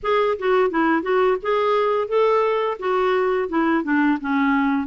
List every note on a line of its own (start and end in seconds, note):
0.03 0.37 G#4
0.38 0.70 F#4
0.70 1.02 E4
1.02 1.37 F#4
1.42 2.07 G#4
2.07 2.77 A4
2.79 3.48 F#4
3.48 3.83 E4
3.83 4.18 D4
4.21 4.87 C#4